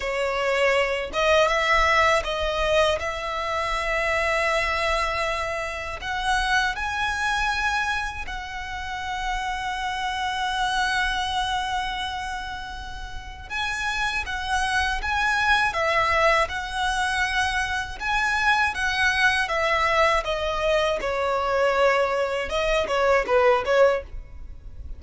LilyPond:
\new Staff \with { instrumentName = "violin" } { \time 4/4 \tempo 4 = 80 cis''4. dis''8 e''4 dis''4 | e''1 | fis''4 gis''2 fis''4~ | fis''1~ |
fis''2 gis''4 fis''4 | gis''4 e''4 fis''2 | gis''4 fis''4 e''4 dis''4 | cis''2 dis''8 cis''8 b'8 cis''8 | }